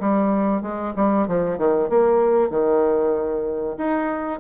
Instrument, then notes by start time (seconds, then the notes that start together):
bassoon
0.00 G3
0.62 G#3
0.96 G3
1.27 F3
1.58 D#3
1.89 A#3
2.50 D#3
3.78 D#4